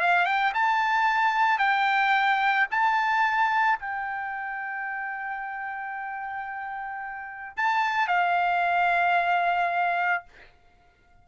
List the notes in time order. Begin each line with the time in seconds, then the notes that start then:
0.00 F5
0.25 G5
0.54 A5
1.58 G5
2.70 A5
3.79 G5
7.57 A5
8.07 F5